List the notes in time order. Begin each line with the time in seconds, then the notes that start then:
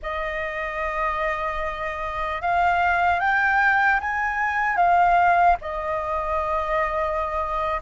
0.02 D#5
2.41 F5
3.20 G5
4.00 G#5
4.76 F5
5.61 D#5